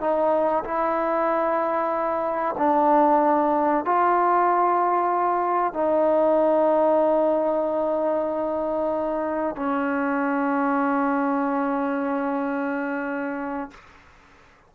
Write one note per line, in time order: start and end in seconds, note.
0.00 0.64 D#4
0.64 2.55 E4
2.58 3.85 D4
3.85 5.73 F4
5.73 9.55 D#4
9.55 13.70 C#4